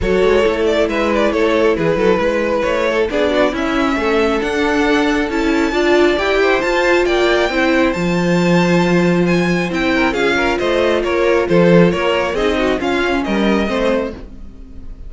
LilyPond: <<
  \new Staff \with { instrumentName = "violin" } { \time 4/4 \tempo 4 = 136 cis''4. d''8 e''8 d''8 cis''4 | b'2 cis''4 d''4 | e''2 fis''2 | a''2 g''4 a''4 |
g''2 a''2~ | a''4 gis''4 g''4 f''4 | dis''4 cis''4 c''4 cis''4 | dis''4 f''4 dis''2 | }
  \new Staff \with { instrumentName = "violin" } { \time 4/4 a'2 b'4 a'4 | gis'8 a'8 b'4. a'8 gis'8 fis'8 | e'4 a'2.~ | a'4 d''4. c''4. |
d''4 c''2.~ | c''2~ c''8 ais'8 gis'8 ais'8 | c''4 ais'4 a'4 ais'4 | gis'8 fis'8 f'4 ais'4 c''4 | }
  \new Staff \with { instrumentName = "viola" } { \time 4/4 fis'4 e'2.~ | e'2. d'4 | cis'2 d'2 | e'4 f'4 g'4 f'4~ |
f'4 e'4 f'2~ | f'2 e'4 f'4~ | f'1 | dis'4 cis'2 c'4 | }
  \new Staff \with { instrumentName = "cello" } { \time 4/4 fis8 gis8 a4 gis4 a4 | e8 fis8 gis4 a4 b4 | cis'4 a4 d'2 | cis'4 d'4 e'4 f'4 |
ais4 c'4 f2~ | f2 c'4 cis'4 | a4 ais4 f4 ais4 | c'4 cis'4 g4 a4 | }
>>